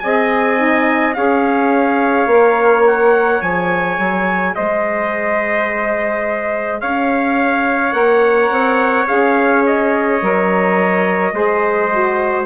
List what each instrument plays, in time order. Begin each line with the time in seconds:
0.00 bassoon C4, saxophone G#4, trumpet D#5 G#5
0.58 saxophone D#4
1.14 bassoon C#4, saxophone G#4, trumpet C#5 F5
2.26 bassoon A#3, saxophone A#4
2.87 trumpet F#5
3.41 bassoon F3, saxophone G#4, trumpet G#5
3.98 bassoon F#3
4.55 bassoon G#3, trumpet C5 D#5
6.81 bassoon C#4, trumpet C#5 F5
7.91 bassoon A#3, saxophone A#4, trumpet F#5
8.50 bassoon C4
9.08 bassoon C#4, saxophone G#4, trumpet F5
9.66 trumpet D#5
10.22 bassoon F#3, saxophone A#4
11.33 bassoon G#3, saxophone G#4, trumpet C5
11.91 saxophone F#4